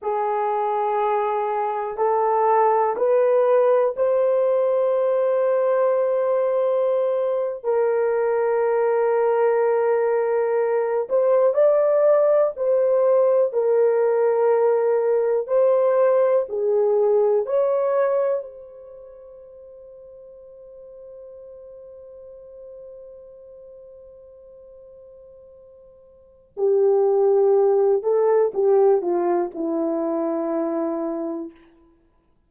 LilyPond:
\new Staff \with { instrumentName = "horn" } { \time 4/4 \tempo 4 = 61 gis'2 a'4 b'4 | c''2.~ c''8. ais'16~ | ais'2.~ ais'16 c''8 d''16~ | d''8. c''4 ais'2 c''16~ |
c''8. gis'4 cis''4 c''4~ c''16~ | c''1~ | c''2. g'4~ | g'8 a'8 g'8 f'8 e'2 | }